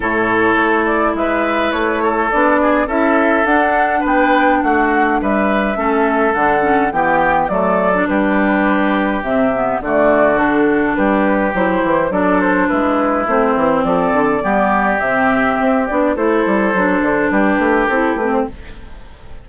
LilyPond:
<<
  \new Staff \with { instrumentName = "flute" } { \time 4/4 \tempo 4 = 104 cis''4. d''8 e''4 cis''4 | d''4 e''4 fis''4 g''4 | fis''4 e''2 fis''4 | g''4 d''4 b'2 |
e''4 d''4 a'4 b'4 | c''4 d''8 c''8 b'4 c''4 | d''2 e''4. d''8 | c''2 b'4 a'8 b'16 c''16 | }
  \new Staff \with { instrumentName = "oboe" } { \time 4/4 a'2 b'4. a'8~ | a'8 gis'8 a'2 b'4 | fis'4 b'4 a'2 | g'4 a'4 g'2~ |
g'4 fis'2 g'4~ | g'4 a'4 e'2 | a'4 g'2. | a'2 g'2 | }
  \new Staff \with { instrumentName = "clarinet" } { \time 4/4 e'1 | d'4 e'4 d'2~ | d'2 cis'4 d'8 cis'8 | b4 a8. d'2~ d'16 |
c'8 b8 a4 d'2 | e'4 d'2 c'4~ | c'4 b4 c'4. d'8 | e'4 d'2 e'8 c'8 | }
  \new Staff \with { instrumentName = "bassoon" } { \time 4/4 a,4 a4 gis4 a4 | b4 cis'4 d'4 b4 | a4 g4 a4 d4 | e4 fis4 g2 |
c4 d2 g4 | fis8 e8 fis4 gis4 a8 e8 | f8 d8 g4 c4 c'8 b8 | a8 g8 fis8 d8 g8 a8 c'8 a8 | }
>>